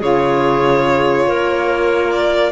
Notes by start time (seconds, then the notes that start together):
0.00 C#3 F4 G#4 C#5
1.27 A#3 A#4
2.11 D5